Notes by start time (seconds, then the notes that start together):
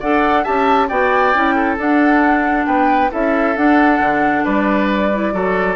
0.00 D4 A4 D5 F#5
0.44 C#4 G4 E5 A5
0.88 B3 F#4 D5 G5
1.34 C#4 E4
1.55 A4
1.77 D4 F#5
2.66 B3 B4 G5
3.11 C#4 E4 A4 E5
3.56 D4 F#5
4.00 D3
4.44 G3 B4 D5
5.13 E4
5.33 F#3 F#4 A4